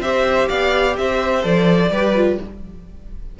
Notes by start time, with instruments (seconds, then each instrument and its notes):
0.00 cello C4, viola G4, violin C5 E5
0.48 cello B3, violin D5 F5
0.97 cello C4, violin C5 E5
1.42 cello F3, viola A4, violin D5
1.90 cello G3, viola G4, violin B4
2.15 viola F4